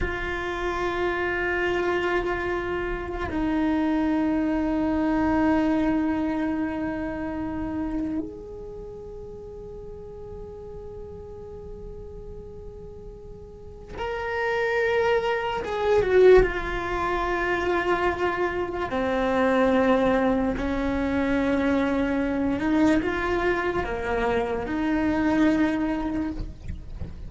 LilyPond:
\new Staff \with { instrumentName = "cello" } { \time 4/4 \tempo 4 = 73 f'1 | dis'1~ | dis'2 gis'2~ | gis'1~ |
gis'4 ais'2 gis'8 fis'8 | f'2. c'4~ | c'4 cis'2~ cis'8 dis'8 | f'4 ais4 dis'2 | }